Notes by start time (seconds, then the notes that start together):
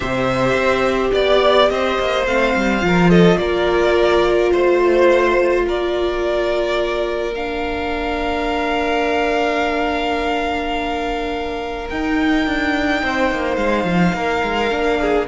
0.00 C3 G4 C5 E5
0.54 C4
1.12 B3 D5
1.69 C4 C5 D#5
1.99 A#3
2.26 A3 C4 F5
2.56 G3
2.81 F3 F4 A#4
3.10 A4 D#5
3.37 A#3 A#4 D5
4.51 A3 C5
5.66 A#3 A#4 D5
7.34 D4 F5
11.89 D#4 G5
12.46 D4
13.02 C4 C5
13.30 A#3
13.56 G#3 F5
13.84 F3
14.13 A#3 A#4
14.42 G#3
14.69 A#3 D4
15.00 G#4